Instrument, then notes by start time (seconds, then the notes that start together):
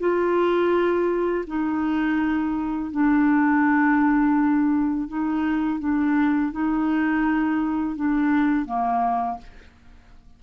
clarinet
0.00 F4
1.47 D#4
2.91 D4
5.08 D#4
5.80 D4
6.52 D#4
7.96 D4
8.65 A#3